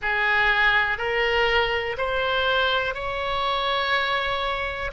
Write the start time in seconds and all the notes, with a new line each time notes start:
0.01 G#4
0.98 A#4
1.97 C5
2.94 C#5